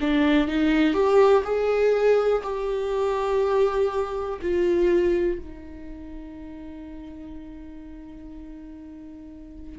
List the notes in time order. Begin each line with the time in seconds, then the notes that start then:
0.00 D4
0.48 D#4
0.93 G4
1.44 G#4
2.43 G4
4.41 F4
5.39 D#4